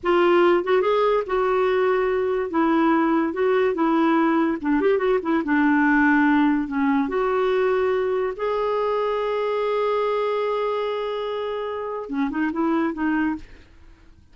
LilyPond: \new Staff \with { instrumentName = "clarinet" } { \time 4/4 \tempo 4 = 144 f'4. fis'8 gis'4 fis'4~ | fis'2 e'2 | fis'4 e'2 d'8 g'8 | fis'8 e'8 d'2. |
cis'4 fis'2. | gis'1~ | gis'1~ | gis'4 cis'8 dis'8 e'4 dis'4 | }